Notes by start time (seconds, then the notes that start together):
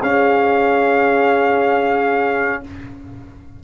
0.00 C#4 G#4 F5